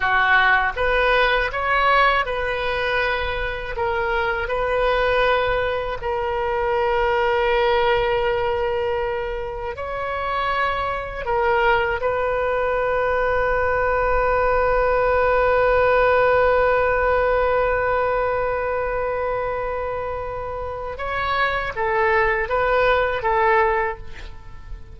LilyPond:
\new Staff \with { instrumentName = "oboe" } { \time 4/4 \tempo 4 = 80 fis'4 b'4 cis''4 b'4~ | b'4 ais'4 b'2 | ais'1~ | ais'4 cis''2 ais'4 |
b'1~ | b'1~ | b'1 | cis''4 a'4 b'4 a'4 | }